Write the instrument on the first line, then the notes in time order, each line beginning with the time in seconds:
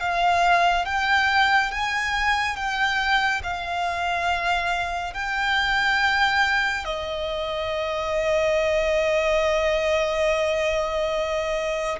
violin
0.00 F5
0.85 G5
1.71 G#5
2.56 G5
3.43 F5
5.14 G5
6.85 D#5